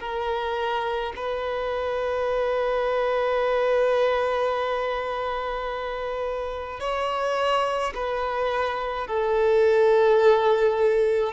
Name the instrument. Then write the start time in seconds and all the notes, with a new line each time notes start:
violin
0.00 A#4
1.16 B4
6.80 C#5
7.95 B4
9.07 A4